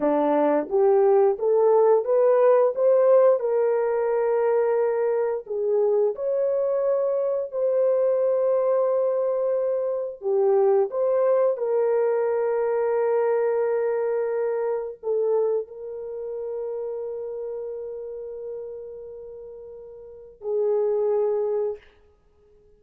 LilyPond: \new Staff \with { instrumentName = "horn" } { \time 4/4 \tempo 4 = 88 d'4 g'4 a'4 b'4 | c''4 ais'2. | gis'4 cis''2 c''4~ | c''2. g'4 |
c''4 ais'2.~ | ais'2 a'4 ais'4~ | ais'1~ | ais'2 gis'2 | }